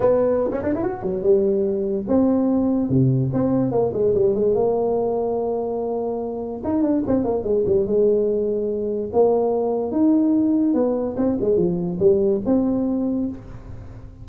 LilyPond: \new Staff \with { instrumentName = "tuba" } { \time 4/4 \tempo 4 = 145 b4~ b16 cis'16 d'16 e'16 fis'8 fis8 g4~ | g4 c'2 c4 | c'4 ais8 gis8 g8 gis8 ais4~ | ais1 |
dis'8 d'8 c'8 ais8 gis8 g8 gis4~ | gis2 ais2 | dis'2 b4 c'8 gis8 | f4 g4 c'2 | }